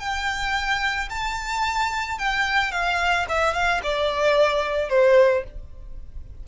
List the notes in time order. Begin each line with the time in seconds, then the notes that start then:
0.00 G5
1.10 A5
2.19 G5
2.72 F5
3.29 E5
3.54 F5
3.84 D5
4.89 C5